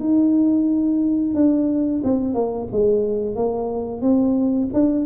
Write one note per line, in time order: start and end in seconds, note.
0.00 1.35 D#4
1.35 2.02 D4
2.04 2.34 C4
2.34 2.68 A#3
2.72 3.36 G#3
3.36 4.01 A#3
4.01 4.69 C4
4.74 5.06 D4